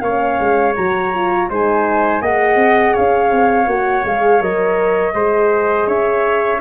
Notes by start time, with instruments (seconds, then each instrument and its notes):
0.00 tuba A#3, horn C#4, trumpet C#5, flute F5
0.40 tuba G#3
0.76 tuba F#3, horn F#4, flute A#5
1.14 horn F4
1.50 tuba G#3, horn D#4, trumpet C5, flute G#5
2.21 tuba A#3, horn G#4, trumpet D#5, flute F#5
2.55 tuba C4
2.93 tuba C#4, trumpet C#5, flute F5
3.31 tuba C4
3.67 tuba A#3, horn F#4, flute F#5
4.04 tuba G#3, horn G#4, flute F5
4.41 tuba F#3, horn A#4, flute D#5
5.14 tuba G#3, horn G#4, trumpet C5
5.87 tuba C#4, trumpet C#5, flute E5